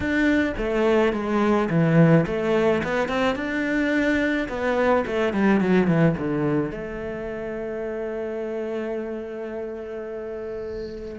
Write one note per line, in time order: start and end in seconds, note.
0.00 0.53 D4
0.57 1.12 A3
1.12 1.68 G#3
1.69 2.25 E3
2.26 2.82 A3
2.83 3.08 B3
3.08 3.35 C4
3.35 4.48 D4
4.49 5.05 B3
5.06 5.33 A3
5.33 5.60 G3
5.60 5.87 F#3
5.87 6.15 E3
6.18 6.71 D3
6.71 11.19 A3